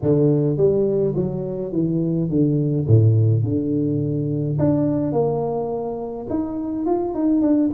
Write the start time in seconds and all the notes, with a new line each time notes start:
0.02 D3
0.57 G3
1.15 F#3
1.72 E3
2.29 D3
2.87 A2
3.43 D3
4.58 D4
5.12 A#3
6.29 D#4
6.86 F4
7.14 D#4
7.41 D4